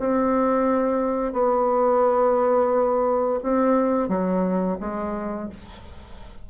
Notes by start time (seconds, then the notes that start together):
0.00 C4
1.33 B3
3.44 C4
4.09 F#3
4.81 G#3